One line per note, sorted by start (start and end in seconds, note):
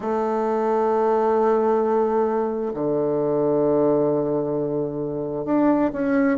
0.00 2.72 A3
2.74 5.45 D3
5.45 5.90 D4
5.93 6.38 C#4